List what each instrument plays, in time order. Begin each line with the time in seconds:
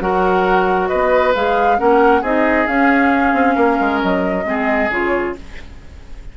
0.00 bassoon F#3, clarinet F#4, oboe A#4, flute F#5
0.88 bassoon B3, oboe B4, flute D#5
1.35 bassoon G#3, clarinet G#4, flute F5
1.78 bassoon A#3, clarinet C#4, oboe A#4, flute F#5
2.22 bassoon C4, clarinet D#4, oboe G#4, flute D#5
2.67 bassoon C#4, clarinet C#4, flute F5
3.33 bassoon C4
3.55 bassoon A#3, oboe A#4
3.80 bassoon G#3
4.02 bassoon F#3, flute D#5
4.45 bassoon G#3, clarinet C4, oboe G#4
4.89 bassoon C#3, clarinet F4, flute C#5